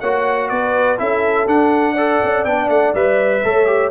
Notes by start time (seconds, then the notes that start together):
0.00 A#3 F#4 C#5 F#5
0.49 B3 B4 D5
0.98 C#4 E4 A4 E5
1.47 D4 F#5
1.93 A4 D5
2.24 C#4
2.45 B3 D4 G5
2.69 A3 F#5
2.94 G3 B4 E5
3.44 A3 A4 C#5
3.67 G4